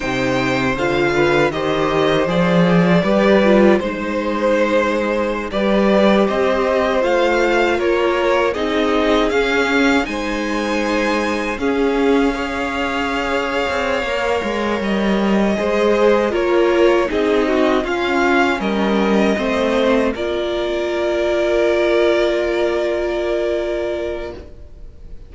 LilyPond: <<
  \new Staff \with { instrumentName = "violin" } { \time 4/4 \tempo 4 = 79 g''4 f''4 dis''4 d''4~ | d''4 c''2~ c''16 d''8.~ | d''16 dis''4 f''4 cis''4 dis''8.~ | dis''16 f''4 gis''2 f''8.~ |
f''2.~ f''8 dis''8~ | dis''4. cis''4 dis''4 f''8~ | f''8 dis''2 d''4.~ | d''1 | }
  \new Staff \with { instrumentName = "violin" } { \time 4/4 c''4. b'8 c''2 | b'4 c''2~ c''16 b'8.~ | b'16 c''2 ais'4 gis'8.~ | gis'4~ gis'16 c''2 gis'8.~ |
gis'16 cis''2.~ cis''8.~ | cis''8 c''4 ais'4 gis'8 fis'8 f'8~ | f'8 ais'4 c''4 ais'4.~ | ais'1 | }
  \new Staff \with { instrumentName = "viola" } { \time 4/4 dis'4 f'4 g'4 gis'4 | g'8 f'8 dis'2~ dis'16 g'8.~ | g'4~ g'16 f'2 dis'8.~ | dis'16 cis'4 dis'2 cis'8.~ |
cis'16 gis'2~ gis'16 ais'4.~ | ais'8 gis'4 f'4 dis'4 cis'8~ | cis'4. c'4 f'4.~ | f'1 | }
  \new Staff \with { instrumentName = "cello" } { \time 4/4 c4 d4 dis4 f4 | g4 gis2~ gis16 g8.~ | g16 c'4 a4 ais4 c'8.~ | c'16 cis'4 gis2 cis'8.~ |
cis'2 c'8 ais8 gis8 g8~ | g8 gis4 ais4 c'4 cis'8~ | cis'8 g4 a4 ais4.~ | ais1 | }
>>